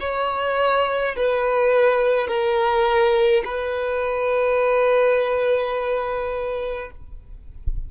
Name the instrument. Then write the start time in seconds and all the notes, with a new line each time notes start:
violin
0.00 C#5
1.16 B4
2.28 A#4
3.45 B4